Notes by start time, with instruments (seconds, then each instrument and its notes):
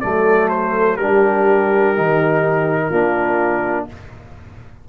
0.00 tuba F#3, trombone A3, horn A4, trumpet D5
0.49 trumpet C5
0.96 tuba G3, trombone D4, horn G4, trumpet A#4
1.95 tuba D#3, trombone D#4
2.89 tuba A#3, trombone D4, horn F4